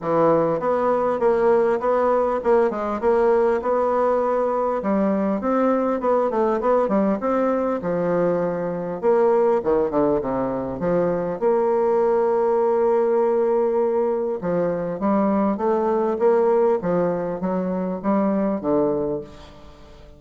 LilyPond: \new Staff \with { instrumentName = "bassoon" } { \time 4/4 \tempo 4 = 100 e4 b4 ais4 b4 | ais8 gis8 ais4 b2 | g4 c'4 b8 a8 b8 g8 | c'4 f2 ais4 |
dis8 d8 c4 f4 ais4~ | ais1 | f4 g4 a4 ais4 | f4 fis4 g4 d4 | }